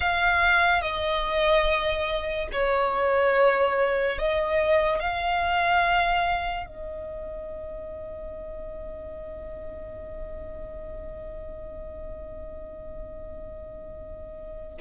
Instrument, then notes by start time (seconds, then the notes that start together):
violin
0.00 F5
0.81 D#5
2.52 C#5
4.18 D#5
4.99 F5
6.66 D#5